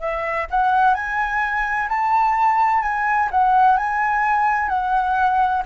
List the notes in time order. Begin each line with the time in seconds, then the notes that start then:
0.00 E5
0.51 F#5
0.95 G#5
1.89 A5
2.83 G#5
3.32 F#5
3.78 G#5
4.69 F#5